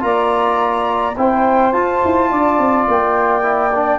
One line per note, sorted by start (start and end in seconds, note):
0.00 1.16 A#3
0.00 1.13 F4
0.00 1.17 D5
0.00 1.15 A#5
1.17 1.73 C4
1.17 1.74 E4
1.17 2.30 C5
1.17 1.72 G5
1.72 2.01 F4
1.72 3.42 F4
1.72 2.85 A5
2.04 2.31 E4
2.30 2.58 D4
2.30 3.98 D5
2.58 2.87 C4
2.88 3.98 A#3
2.88 3.98 G5
3.42 3.71 E4
3.74 3.98 D4